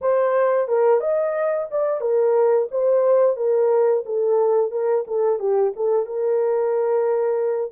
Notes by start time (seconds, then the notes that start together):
0.01 C5
0.67 A#4
1.00 D#5
1.70 D5
2.00 A#4
2.71 C5
3.36 A#4
4.05 A4
4.71 A#4
5.07 A4
5.39 G4
5.76 A4
6.06 A#4